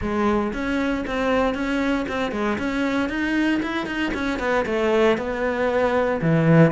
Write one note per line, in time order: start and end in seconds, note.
0.01 0.53 G#3
0.53 1.04 C#4
1.06 1.54 C4
1.54 2.05 C#4
2.08 2.31 C4
2.31 2.57 G#3
2.58 3.09 C#4
3.09 3.61 D#4
3.62 3.86 E4
3.86 4.12 D#4
4.14 4.39 C#4
4.39 4.65 B3
4.65 5.17 A3
5.17 6.20 B3
6.21 6.71 E3